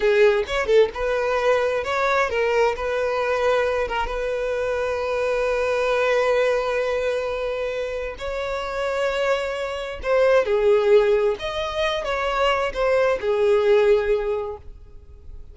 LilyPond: \new Staff \with { instrumentName = "violin" } { \time 4/4 \tempo 4 = 132 gis'4 cis''8 a'8 b'2 | cis''4 ais'4 b'2~ | b'8 ais'8 b'2.~ | b'1~ |
b'2 cis''2~ | cis''2 c''4 gis'4~ | gis'4 dis''4. cis''4. | c''4 gis'2. | }